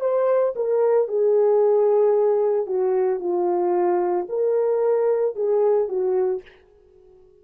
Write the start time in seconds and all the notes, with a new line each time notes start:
0.00 C5
0.56 A#4
1.08 G#4
2.66 F#4
3.19 F4
4.29 A#4
5.36 G#4
5.88 F#4